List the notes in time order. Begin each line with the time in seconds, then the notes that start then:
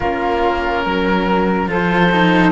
0.00 A#3 C#4 F4 A#4
0.84 F#3 A#4
1.67 F3 F4 A4 C5
2.12 D#4